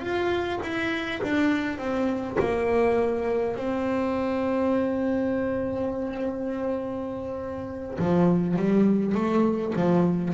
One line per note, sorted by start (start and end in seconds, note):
0.00 0.59 F4
0.62 1.21 E4
1.22 1.78 D4
1.78 2.37 C4
2.39 3.56 A#3
3.56 7.97 C4
7.98 8.56 F3
8.56 9.14 G3
9.14 9.73 A3
9.75 10.33 F3